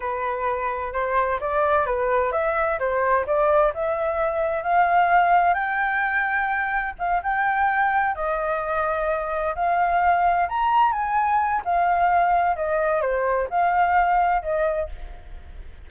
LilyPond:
\new Staff \with { instrumentName = "flute" } { \time 4/4 \tempo 4 = 129 b'2 c''4 d''4 | b'4 e''4 c''4 d''4 | e''2 f''2 | g''2. f''8 g''8~ |
g''4. dis''2~ dis''8~ | dis''8 f''2 ais''4 gis''8~ | gis''4 f''2 dis''4 | c''4 f''2 dis''4 | }